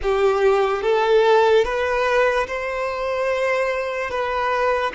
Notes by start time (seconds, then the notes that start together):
0.02 G4
0.82 A4
1.64 B4
2.47 C5
4.10 B4